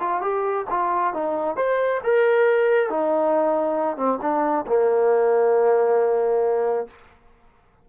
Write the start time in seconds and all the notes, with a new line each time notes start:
0.00 F4
0.21 G4
0.70 F4
1.14 D#4
1.57 C5
2.04 A#4
2.90 D#4
3.97 C4
4.22 D4
4.67 A#3